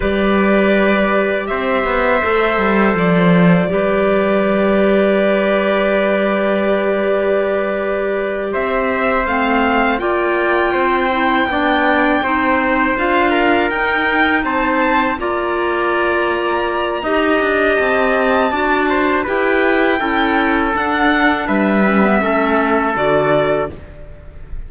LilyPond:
<<
  \new Staff \with { instrumentName = "violin" } { \time 4/4 \tempo 4 = 81 d''2 e''2 | d''1~ | d''2.~ d''8 e''8~ | e''8 f''4 g''2~ g''8~ |
g''4. f''4 g''4 a''8~ | a''8 ais''2.~ ais''8 | a''2 g''2 | fis''4 e''2 d''4 | }
  \new Staff \with { instrumentName = "trumpet" } { \time 4/4 b'2 c''2~ | c''4 b'2.~ | b'2.~ b'8 c''8~ | c''4. d''4 c''4 d''8~ |
d''8 c''4. ais'4. c''8~ | c''8 d''2~ d''8 dis''4~ | dis''4 d''8 c''8 b'4 a'4~ | a'4 b'4 a'2 | }
  \new Staff \with { instrumentName = "clarinet" } { \time 4/4 g'2. a'4~ | a'4 g'2.~ | g'1~ | g'8 c'4 f'4. e'8 d'8~ |
d'8 dis'4 f'4 dis'4.~ | dis'8 f'2~ f'8 g'4~ | g'4 fis'4 g'4 e'4 | d'4. cis'16 b16 cis'4 fis'4 | }
  \new Staff \with { instrumentName = "cello" } { \time 4/4 g2 c'8 b8 a8 g8 | f4 g2.~ | g2.~ g8 c'8~ | c'8 a4 ais4 c'4 b8~ |
b8 c'4 d'4 dis'4 c'8~ | c'8 ais2~ ais8 dis'8 d'8 | c'4 d'4 e'4 cis'4 | d'4 g4 a4 d4 | }
>>